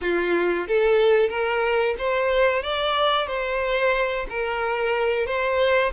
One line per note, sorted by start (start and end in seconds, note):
0.01 0.67 F4
0.67 1.29 A4
1.29 1.95 A#4
1.98 2.62 C5
2.62 3.27 D5
3.27 4.26 C5
4.29 5.26 A#4
5.26 5.92 C5